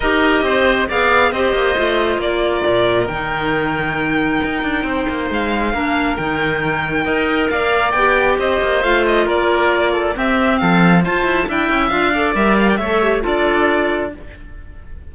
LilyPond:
<<
  \new Staff \with { instrumentName = "violin" } { \time 4/4 \tempo 4 = 136 dis''2 f''4 dis''4~ | dis''4 d''2 g''4~ | g''1 | f''2 g''2~ |
g''4 f''4 g''4 dis''4 | f''8 dis''8 d''2 e''4 | f''4 a''4 g''4 f''4 | e''8 f''16 g''16 e''4 d''2 | }
  \new Staff \with { instrumentName = "oboe" } { \time 4/4 ais'4 c''4 d''4 c''4~ | c''4 ais'2.~ | ais'2. c''4~ | c''4 ais'2. |
dis''4 d''2 c''4~ | c''4 ais'4. a'8 g'4 | a'4 c''4 e''4. d''8~ | d''4 cis''4 a'2 | }
  \new Staff \with { instrumentName = "clarinet" } { \time 4/4 g'2 gis'4 g'4 | f'2. dis'4~ | dis'1~ | dis'4 d'4 dis'2 |
ais'2 g'2 | f'2. c'4~ | c'4 f'4 e'4 f'8 a'8 | ais'4 a'8 g'8 f'2 | }
  \new Staff \with { instrumentName = "cello" } { \time 4/4 dis'4 c'4 b4 c'8 ais8 | a4 ais4 ais,4 dis4~ | dis2 dis'8 d'8 c'8 ais8 | gis4 ais4 dis2 |
dis'4 ais4 b4 c'8 ais8 | a4 ais2 c'4 | f4 f'8 e'8 d'8 cis'8 d'4 | g4 a4 d'2 | }
>>